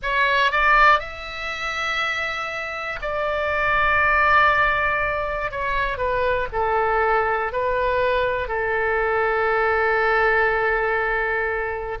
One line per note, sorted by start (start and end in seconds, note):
0.02 0.51 C#5
0.51 0.99 D5
0.99 2.99 E5
3.01 5.51 D5
5.51 5.97 C#5
5.97 6.47 B4
6.52 7.52 A4
7.52 8.48 B4
8.48 11.98 A4